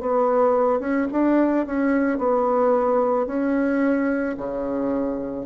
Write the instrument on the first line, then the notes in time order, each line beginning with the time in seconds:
bassoon
0.00 B3
0.79 C#4
1.12 D4
1.66 C#4
2.18 B3
3.26 C#4
4.37 C#3